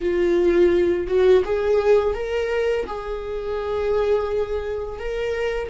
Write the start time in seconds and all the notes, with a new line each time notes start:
0.01 F4
1.07 F#4
1.44 G#4
2.14 A#4
2.86 G#4
4.99 A#4